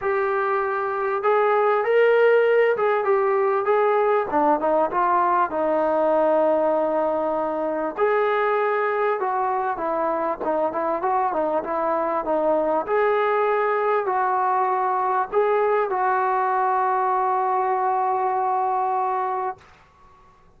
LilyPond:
\new Staff \with { instrumentName = "trombone" } { \time 4/4 \tempo 4 = 98 g'2 gis'4 ais'4~ | ais'8 gis'8 g'4 gis'4 d'8 dis'8 | f'4 dis'2.~ | dis'4 gis'2 fis'4 |
e'4 dis'8 e'8 fis'8 dis'8 e'4 | dis'4 gis'2 fis'4~ | fis'4 gis'4 fis'2~ | fis'1 | }